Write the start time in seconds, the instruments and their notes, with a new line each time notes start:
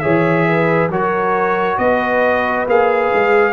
0.00 tuba E3, trombone G#4, horn C#5, trumpet E5
0.47 horn B4
0.89 tuba F#3, trombone F#4, horn A#4, trumpet C#5
1.78 tuba B3, horn B4, trumpet D#5
2.67 tuba A#3, trombone G#4, trumpet F5
3.14 tuba G#3